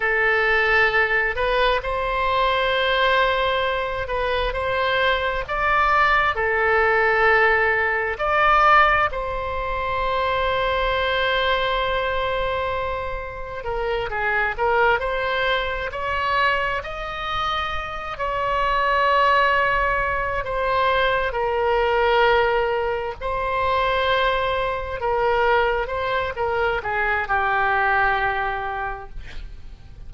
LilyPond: \new Staff \with { instrumentName = "oboe" } { \time 4/4 \tempo 4 = 66 a'4. b'8 c''2~ | c''8 b'8 c''4 d''4 a'4~ | a'4 d''4 c''2~ | c''2. ais'8 gis'8 |
ais'8 c''4 cis''4 dis''4. | cis''2~ cis''8 c''4 ais'8~ | ais'4. c''2 ais'8~ | ais'8 c''8 ais'8 gis'8 g'2 | }